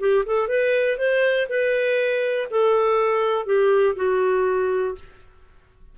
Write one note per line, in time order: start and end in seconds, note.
0.00 0.25 G4
0.26 0.48 A4
0.48 0.98 B4
0.98 1.48 C5
1.49 2.48 B4
2.51 3.46 A4
3.46 3.95 G4
3.96 4.95 F#4